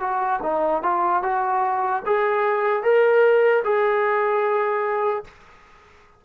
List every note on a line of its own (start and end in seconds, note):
0.00 0.40 F#4
0.43 0.83 D#4
0.83 1.23 F4
1.23 2.03 F#4
2.06 2.83 G#4
2.83 3.63 A#4
3.64 5.24 G#4